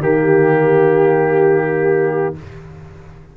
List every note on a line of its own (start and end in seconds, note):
0.00 2.34 D#3
0.00 2.35 A#3
0.00 2.36 G4
0.00 2.37 G4